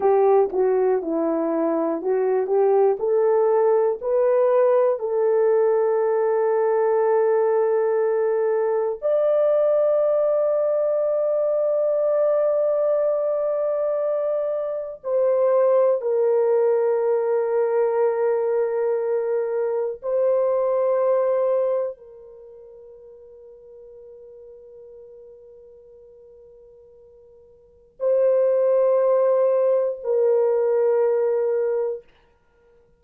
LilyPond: \new Staff \with { instrumentName = "horn" } { \time 4/4 \tempo 4 = 60 g'8 fis'8 e'4 fis'8 g'8 a'4 | b'4 a'2.~ | a'4 d''2.~ | d''2. c''4 |
ais'1 | c''2 ais'2~ | ais'1 | c''2 ais'2 | }